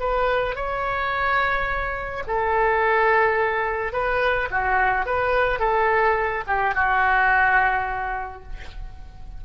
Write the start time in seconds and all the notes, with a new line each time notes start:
0.00 B4
0.56 C#5
2.27 A4
3.93 B4
4.51 F#4
5.06 B4
5.60 A4
6.47 G4
6.75 F#4